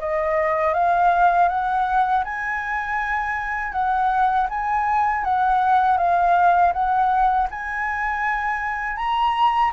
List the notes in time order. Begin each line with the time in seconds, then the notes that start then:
0.00 D#5
0.74 F5
1.49 F#5
2.25 G#5
3.73 F#5
4.50 G#5
5.25 F#5
5.98 F5
6.73 F#5
7.51 G#5
8.97 A#5